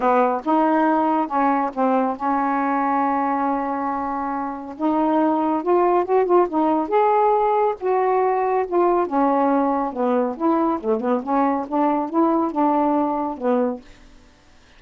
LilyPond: \new Staff \with { instrumentName = "saxophone" } { \time 4/4 \tempo 4 = 139 b4 dis'2 cis'4 | c'4 cis'2.~ | cis'2. dis'4~ | dis'4 f'4 fis'8 f'8 dis'4 |
gis'2 fis'2 | f'4 cis'2 b4 | e'4 a8 b8 cis'4 d'4 | e'4 d'2 b4 | }